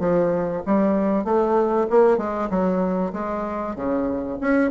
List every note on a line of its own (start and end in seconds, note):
0.00 0.62 F3
0.66 1.25 G3
1.25 1.87 A3
1.90 2.18 A#3
2.18 2.49 G#3
2.50 3.12 F#3
3.13 3.76 G#3
3.76 4.38 C#3
4.41 4.71 C#4